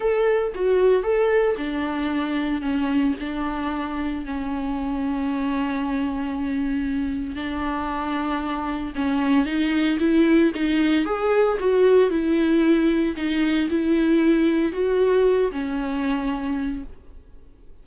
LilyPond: \new Staff \with { instrumentName = "viola" } { \time 4/4 \tempo 4 = 114 a'4 fis'4 a'4 d'4~ | d'4 cis'4 d'2 | cis'1~ | cis'2 d'2~ |
d'4 cis'4 dis'4 e'4 | dis'4 gis'4 fis'4 e'4~ | e'4 dis'4 e'2 | fis'4. cis'2~ cis'8 | }